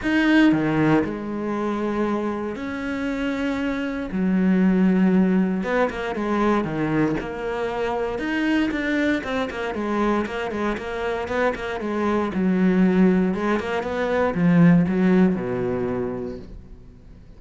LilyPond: \new Staff \with { instrumentName = "cello" } { \time 4/4 \tempo 4 = 117 dis'4 dis4 gis2~ | gis4 cis'2. | fis2. b8 ais8 | gis4 dis4 ais2 |
dis'4 d'4 c'8 ais8 gis4 | ais8 gis8 ais4 b8 ais8 gis4 | fis2 gis8 ais8 b4 | f4 fis4 b,2 | }